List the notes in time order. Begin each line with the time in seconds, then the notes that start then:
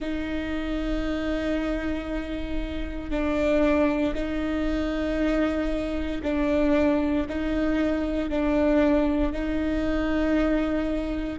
0.00 D#4
3.10 D4
4.14 D#4
6.23 D4
7.28 D#4
8.29 D4
9.32 D#4